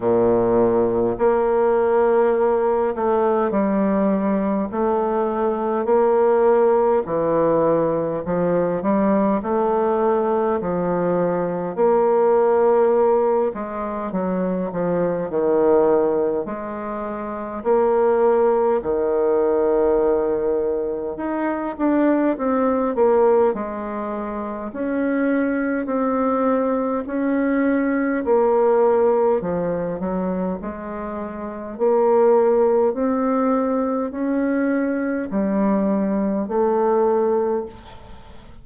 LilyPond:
\new Staff \with { instrumentName = "bassoon" } { \time 4/4 \tempo 4 = 51 ais,4 ais4. a8 g4 | a4 ais4 e4 f8 g8 | a4 f4 ais4. gis8 | fis8 f8 dis4 gis4 ais4 |
dis2 dis'8 d'8 c'8 ais8 | gis4 cis'4 c'4 cis'4 | ais4 f8 fis8 gis4 ais4 | c'4 cis'4 g4 a4 | }